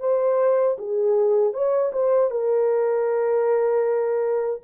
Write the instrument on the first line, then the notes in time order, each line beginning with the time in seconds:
horn
0.00 C5
0.78 G#4
1.53 C#5
1.92 C5
2.31 A#4